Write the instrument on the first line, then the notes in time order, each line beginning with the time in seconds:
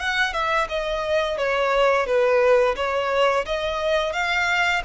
violin
0.00 F#5
0.34 E5
0.69 D#5
1.38 C#5
2.07 B4
2.77 C#5
3.46 D#5
4.13 F5